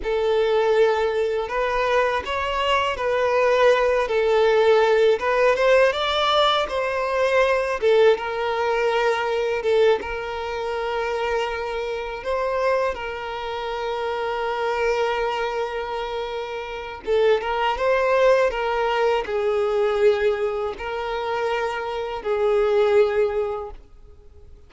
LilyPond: \new Staff \with { instrumentName = "violin" } { \time 4/4 \tempo 4 = 81 a'2 b'4 cis''4 | b'4. a'4. b'8 c''8 | d''4 c''4. a'8 ais'4~ | ais'4 a'8 ais'2~ ais'8~ |
ais'8 c''4 ais'2~ ais'8~ | ais'2. a'8 ais'8 | c''4 ais'4 gis'2 | ais'2 gis'2 | }